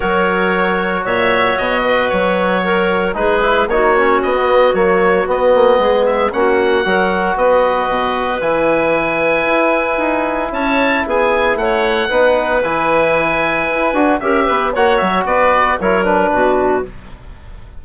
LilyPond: <<
  \new Staff \with { instrumentName = "oboe" } { \time 4/4 \tempo 4 = 114 cis''2 e''4 dis''4 | cis''2 b'4 cis''4 | dis''4 cis''4 dis''4. e''8 | fis''2 dis''2 |
gis''1 | a''4 gis''4 fis''2 | gis''2. e''4 | fis''8 e''8 d''4 cis''8 b'4. | }
  \new Staff \with { instrumentName = "clarinet" } { \time 4/4 ais'2 cis''4. b'8~ | b'4 ais'4 gis'4 fis'4~ | fis'2. gis'4 | fis'4 ais'4 b'2~ |
b'1 | cis''4 gis'4 cis''4 b'4~ | b'2. ais'8 b'8 | cis''4 b'4 ais'4 fis'4 | }
  \new Staff \with { instrumentName = "trombone" } { \time 4/4 fis'1~ | fis'2 dis'8 e'8 dis'8 cis'8~ | cis'16 b8. ais4 b2 | cis'4 fis'2. |
e'1~ | e'2. dis'4 | e'2~ e'8 fis'8 g'4 | fis'2 e'8 d'4. | }
  \new Staff \with { instrumentName = "bassoon" } { \time 4/4 fis2 ais,4 b,4 | fis2 gis4 ais4 | b4 fis4 b8 ais8 gis4 | ais4 fis4 b4 b,4 |
e2 e'4 dis'4 | cis'4 b4 a4 b4 | e2 e'8 d'8 cis'8 b8 | ais8 fis8 b4 fis4 b,4 | }
>>